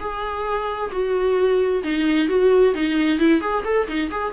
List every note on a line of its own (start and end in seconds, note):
0.00 0.91 G#4
0.92 1.83 F#4
1.84 2.29 D#4
2.29 2.74 F#4
2.75 3.19 D#4
3.19 3.41 E4
3.41 3.64 G#4
3.65 3.88 A4
3.88 4.11 D#4
4.11 4.33 G#4